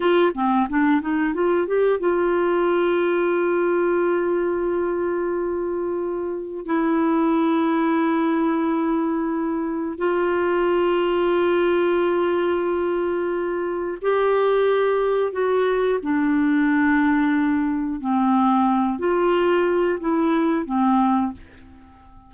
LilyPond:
\new Staff \with { instrumentName = "clarinet" } { \time 4/4 \tempo 4 = 90 f'8 c'8 d'8 dis'8 f'8 g'8 f'4~ | f'1~ | f'2 e'2~ | e'2. f'4~ |
f'1~ | f'4 g'2 fis'4 | d'2. c'4~ | c'8 f'4. e'4 c'4 | }